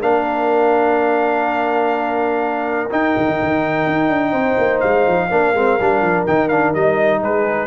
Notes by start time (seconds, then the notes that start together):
0.00 A#3 D4 A#4 F5
2.90 D#4 G5
3.17 D#3
3.28 D#4
3.42 D#3
3.86 D#4
4.09 D4
4.31 C4 C5
4.58 A#3
4.80 G#3 F5
5.07 F3
5.30 A#3 D4 A#4
5.54 G#3 C4
5.80 G3 D4
6.01 F3
6.26 D#3 D#4 G5
6.48 D4 F5
6.74 G3 D#4 D#5
7.20 G#3 G#4 B4